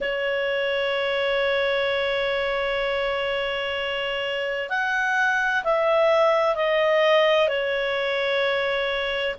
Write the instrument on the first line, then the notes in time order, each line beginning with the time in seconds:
clarinet
0.00 C#5
4.69 F#5
5.63 E5
6.55 D#5
7.48 C#5